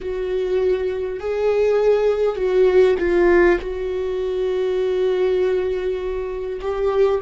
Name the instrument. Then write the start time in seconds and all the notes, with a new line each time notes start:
viola
0.00 F#4
1.19 G#4
2.36 F#4
2.98 F4
3.60 F#4
6.61 G4